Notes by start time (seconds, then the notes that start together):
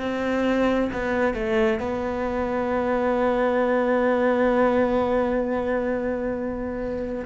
0.00 C4
0.93 B3
1.34 A3
1.80 B3